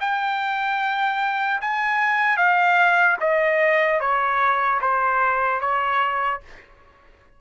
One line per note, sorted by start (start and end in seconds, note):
0.00 1.60 G5
1.61 2.37 G#5
2.37 3.17 F5
3.20 4.00 D#5
4.00 4.80 C#5
4.81 5.61 C5
5.61 6.41 C#5